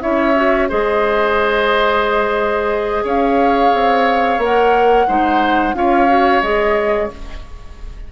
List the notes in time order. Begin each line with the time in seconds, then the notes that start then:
0.00 C#4 E4 C#5 E5
0.35 F#4
0.69 G#3 G#4 C5 D#5
3.03 C#4 C#5 F5
3.73 C4
4.38 A#3 A#4 F#5
5.07 G#3 D#4 C5
5.74 C#4 F4 C#5 F5
6.07 F#4
6.41 G#3 G#4 D#5